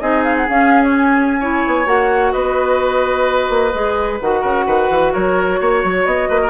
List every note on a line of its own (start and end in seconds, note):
0.00 0.48 C4
0.00 0.47 D#4
0.00 1.40 G#4
0.00 0.23 D#5
0.23 0.35 F5
0.36 0.48 F#5
0.48 1.41 C#4
0.48 1.65 C#4
0.48 0.83 F5
0.83 0.95 C#5
0.97 1.87 G#5
1.40 1.85 E4
1.40 2.32 C#5
1.66 1.86 B3
1.85 2.32 A#3
1.85 3.71 F#4
1.85 2.32 F#5
2.32 3.49 B3
2.32 4.41 B4
2.32 4.18 D#5
3.49 3.73 A#3
3.73 4.20 G#3
3.73 4.20 G#4
4.20 4.43 D#3
4.20 6.49 F#4
4.20 5.13 F#5
4.41 4.66 C#3
4.41 4.64 A#4
4.66 4.89 D#3
4.66 5.13 B4
4.89 5.13 E3
5.13 5.60 F#3
5.13 5.59 A#4
5.13 6.06 C#5
5.60 5.84 A#3
5.60 6.29 C#5
5.84 6.05 F#3
6.05 6.29 B3
6.05 6.49 D#5
6.29 6.49 A#3
6.29 6.40 B4
6.41 6.49 A#4